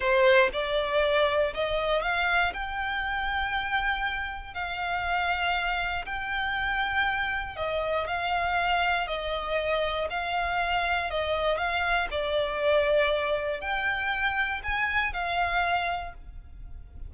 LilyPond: \new Staff \with { instrumentName = "violin" } { \time 4/4 \tempo 4 = 119 c''4 d''2 dis''4 | f''4 g''2.~ | g''4 f''2. | g''2. dis''4 |
f''2 dis''2 | f''2 dis''4 f''4 | d''2. g''4~ | g''4 gis''4 f''2 | }